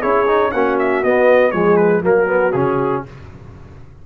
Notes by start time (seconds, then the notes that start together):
0.00 C#4 E4 G#4 C#5
0.27 D#4
0.51 A#3 C#4 F#4 F#5
0.79 E5
1.03 B3 D#5
1.51 F3 G#3 G#4 C#5
1.76 B4
2.03 F#3 A#3 F#4 A#4
2.27 B3
2.52 C#3 C#4 G#4